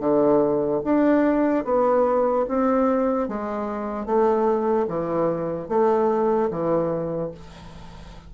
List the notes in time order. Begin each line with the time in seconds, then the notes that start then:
0.00 D3
0.84 D4
1.65 B3
2.48 C4
3.28 G#3
4.05 A3
4.88 E3
5.69 A3
6.50 E3